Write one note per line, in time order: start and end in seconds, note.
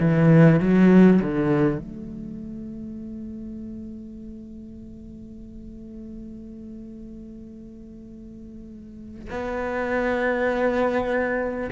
0.00 0.60 E3
0.60 1.20 F#3
1.22 1.78 D3
1.78 9.28 A3
9.30 11.70 B3